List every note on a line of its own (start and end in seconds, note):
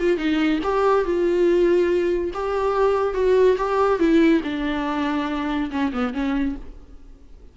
0.00 0.18 F4
0.18 0.60 D#4
0.64 1.05 G4
1.05 2.32 F4
2.34 3.14 G4
3.14 3.57 F#4
3.58 3.99 G4
3.99 4.42 E4
4.44 5.71 D4
5.71 5.92 C#4
5.93 6.14 B3
6.14 6.56 C#4